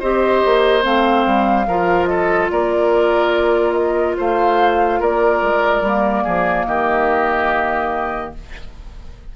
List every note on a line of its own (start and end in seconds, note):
0.00 0.44 C4
0.00 0.82 G4
0.00 1.67 C5
0.00 0.84 D#5
0.45 0.85 A#3
0.82 1.26 A3
0.82 1.65 C4
0.82 2.06 F5
1.26 1.67 G3
1.67 2.50 F3
1.67 5.86 F4
1.67 2.09 A#4
2.06 2.51 A4
2.06 2.48 D#5
2.50 4.17 A#3
2.50 4.17 A#4
2.50 3.73 D5
3.73 4.15 D#5
4.17 5.01 A3
4.17 5.00 C5
4.17 5.02 F5
5.00 5.42 A#3
5.00 6.24 A#4
5.00 6.65 D5
5.42 5.81 G#3
5.81 6.23 G3
5.81 8.36 A#3
6.24 6.66 F3
6.24 6.66 G#4
6.65 8.33 D#3
6.65 8.35 G4
6.65 8.32 D#5